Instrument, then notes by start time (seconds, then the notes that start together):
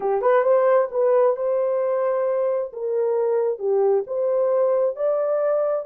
horn
0.00 G4
0.21 B4
0.43 C5
0.91 B4
1.36 C5
2.73 A#4
3.59 G4
4.07 C5
4.95 D5